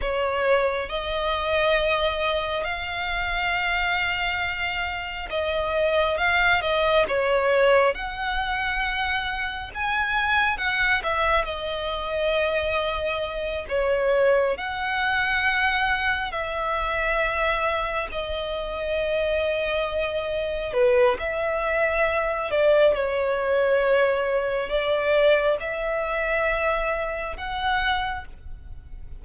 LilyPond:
\new Staff \with { instrumentName = "violin" } { \time 4/4 \tempo 4 = 68 cis''4 dis''2 f''4~ | f''2 dis''4 f''8 dis''8 | cis''4 fis''2 gis''4 | fis''8 e''8 dis''2~ dis''8 cis''8~ |
cis''8 fis''2 e''4.~ | e''8 dis''2. b'8 | e''4. d''8 cis''2 | d''4 e''2 fis''4 | }